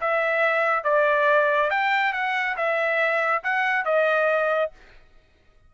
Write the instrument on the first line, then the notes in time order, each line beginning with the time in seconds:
trumpet
0.00 E5
0.83 D5
1.70 G5
2.13 F#5
2.56 E5
3.43 F#5
3.85 D#5